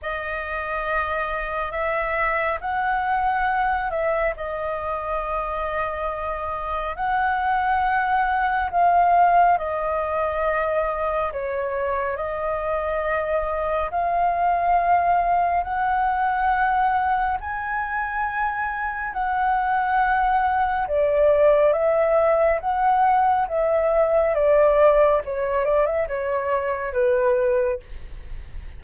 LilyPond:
\new Staff \with { instrumentName = "flute" } { \time 4/4 \tempo 4 = 69 dis''2 e''4 fis''4~ | fis''8 e''8 dis''2. | fis''2 f''4 dis''4~ | dis''4 cis''4 dis''2 |
f''2 fis''2 | gis''2 fis''2 | d''4 e''4 fis''4 e''4 | d''4 cis''8 d''16 e''16 cis''4 b'4 | }